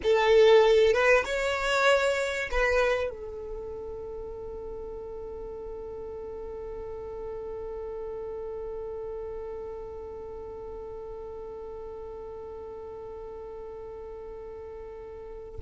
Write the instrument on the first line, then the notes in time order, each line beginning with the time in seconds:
violin
0.03 A4
0.93 B4
1.24 C#5
2.51 B4
3.10 A4